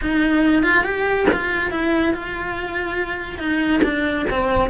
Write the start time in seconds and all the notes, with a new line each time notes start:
0.01 D#4
0.62 F4
0.84 G4
1.32 F4
1.71 E4
2.13 F4
3.38 D#4
3.83 D4
4.30 C4